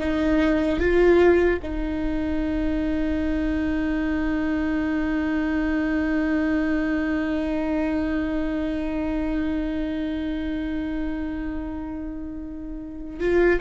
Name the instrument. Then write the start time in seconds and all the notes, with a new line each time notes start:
viola
0.00 D#4
0.80 F4
1.63 D#4
13.20 F4